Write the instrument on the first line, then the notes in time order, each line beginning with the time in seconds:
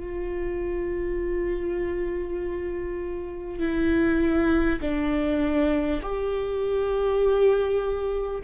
viola
0.00 F4
3.59 E4
4.82 D4
6.03 G4